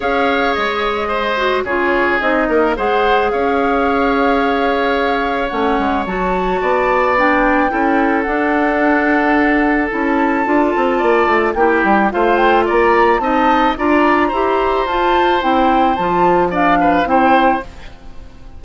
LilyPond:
<<
  \new Staff \with { instrumentName = "flute" } { \time 4/4 \tempo 4 = 109 f''4 dis''2 cis''4 | dis''4 fis''4 f''2~ | f''2 fis''4 a''4~ | a''4 g''2 fis''4~ |
fis''2 a''2~ | a''4 g''4 f''8 g''8 ais''4 | a''4 ais''2 a''4 | g''4 a''4 f''4 g''4 | }
  \new Staff \with { instrumentName = "oboe" } { \time 4/4 cis''2 c''4 gis'4~ | gis'8 ais'8 c''4 cis''2~ | cis''1 | d''2 a'2~ |
a'1 | d''4 g'4 c''4 d''4 | dis''4 d''4 c''2~ | c''2 d''8 b'8 c''4 | }
  \new Staff \with { instrumentName = "clarinet" } { \time 4/4 gis'2~ gis'8 fis'8 f'4 | dis'4 gis'2.~ | gis'2 cis'4 fis'4~ | fis'4 d'4 e'4 d'4~ |
d'2 e'4 f'4~ | f'4 e'4 f'2 | dis'4 f'4 g'4 f'4 | e'4 f'4 d'4 e'4 | }
  \new Staff \with { instrumentName = "bassoon" } { \time 4/4 cis'4 gis2 cis4 | c'8 ais8 gis4 cis'2~ | cis'2 a8 gis8 fis4 | b2 cis'4 d'4~ |
d'2 cis'4 d'8 c'8 | ais8 a8 ais8 g8 a4 ais4 | c'4 d'4 e'4 f'4 | c'4 f2 c'4 | }
>>